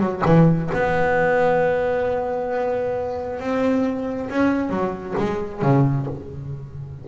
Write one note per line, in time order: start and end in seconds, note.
0.00 0.22 F#3
0.26 0.71 E3
0.74 3.40 B3
3.40 4.30 C4
4.30 4.70 C#4
4.70 5.15 F#3
5.18 5.62 G#3
5.62 6.07 C#3